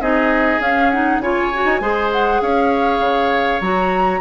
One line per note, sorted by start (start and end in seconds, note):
0.00 0.59 C4
0.00 0.60 D#4
0.00 1.22 G#4
0.00 0.60 D#5
0.59 1.19 C#4
0.59 0.93 C#4
0.59 0.90 F5
0.90 1.22 D#4
0.90 1.20 F#5
1.19 1.64 C#3
1.19 1.52 F4
1.19 1.81 C#5
1.19 2.11 G#5
1.53 1.81 F#4
1.65 1.80 D#4
1.80 2.40 G#3
1.80 3.61 G#4
1.80 2.41 C5
2.12 2.41 F#5
2.41 2.99 C#4
2.41 4.20 C#5
2.41 3.61 F5
2.99 3.59 C#3
3.60 4.20 F#3
3.60 4.20 F#4
3.60 4.20 A#5